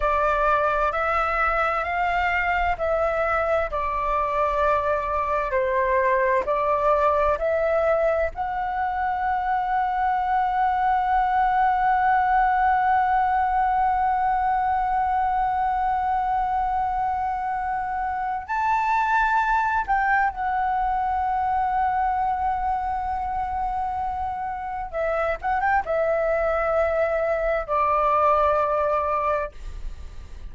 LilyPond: \new Staff \with { instrumentName = "flute" } { \time 4/4 \tempo 4 = 65 d''4 e''4 f''4 e''4 | d''2 c''4 d''4 | e''4 fis''2.~ | fis''1~ |
fis''1 | a''4. g''8 fis''2~ | fis''2. e''8 fis''16 g''16 | e''2 d''2 | }